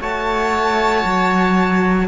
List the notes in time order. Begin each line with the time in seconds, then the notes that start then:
0.00 A3 F#4 C#5 A5
1.05 F#3